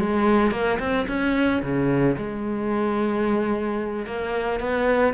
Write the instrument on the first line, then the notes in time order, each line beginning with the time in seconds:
cello
0.00 G#3
0.52 A#3
0.79 C4
1.08 C#4
1.62 C#3
2.17 G#3
4.06 A#3
4.60 B3